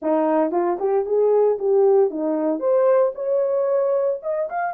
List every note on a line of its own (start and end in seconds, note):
0.01 0.51 D#4
0.51 0.77 F4
0.79 1.05 G4
1.05 1.58 G#4
1.58 2.10 G4
2.10 2.59 D#4
2.59 3.12 C5
3.14 4.20 C#5
4.22 4.48 D#5
4.49 4.74 F5